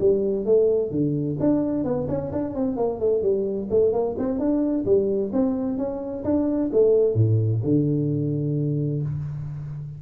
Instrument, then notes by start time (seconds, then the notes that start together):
tuba
0.00 G3
0.45 A3
0.90 D3
1.39 D4
1.84 B3
2.08 C#4
2.32 D4
2.54 C4
2.77 A#3
2.99 A3
3.22 G3
3.70 A3
3.92 A#3
4.18 C4
4.38 D4
4.85 G3
5.32 C4
5.77 C#4
6.24 D4
6.72 A3
7.14 A2
7.63 D3